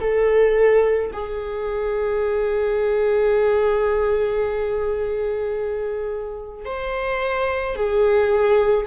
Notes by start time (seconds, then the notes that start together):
0.00 A4
1.13 G#4
6.65 C5
7.76 G#4